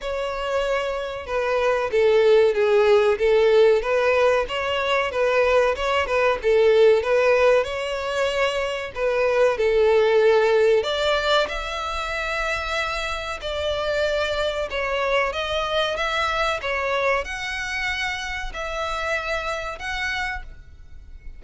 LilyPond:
\new Staff \with { instrumentName = "violin" } { \time 4/4 \tempo 4 = 94 cis''2 b'4 a'4 | gis'4 a'4 b'4 cis''4 | b'4 cis''8 b'8 a'4 b'4 | cis''2 b'4 a'4~ |
a'4 d''4 e''2~ | e''4 d''2 cis''4 | dis''4 e''4 cis''4 fis''4~ | fis''4 e''2 fis''4 | }